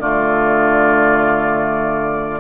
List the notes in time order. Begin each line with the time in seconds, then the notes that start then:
0.00 D3 A3 F4 D5